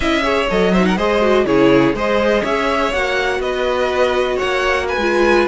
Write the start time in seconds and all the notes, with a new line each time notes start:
0.00 C#4 E4 D#5 E5
0.22 G#4 C#5
0.50 F#3 A4 D#5
0.72 D#4 C5 E5
0.85 A#4 F#5
0.96 G#3 G#4 C5 D#5
1.21 F#4
1.45 C#3 E4 G#4 C#5
1.93 G#3 G#4 C5 D#5
2.42 C#4 C#5 E5
2.92 A#3 F#4 F#5
3.39 B3 B4 D#5
4.35 C#5 F#5
4.42 A#3
4.88 B4 G#5
4.97 G#3 F4